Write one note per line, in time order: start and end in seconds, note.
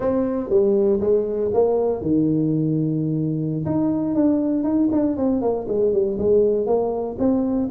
0.00 0.49 C4
0.49 0.99 G3
1.00 1.50 G#3
1.53 2.01 A#3
2.01 3.65 D#3
3.65 4.15 D#4
4.15 4.63 D4
4.63 4.89 D#4
4.92 5.17 D4
5.17 5.41 C4
5.41 5.67 A#3
5.68 5.92 G#3
5.92 6.17 G3
6.18 6.66 G#3
6.66 7.16 A#3
7.18 7.69 C4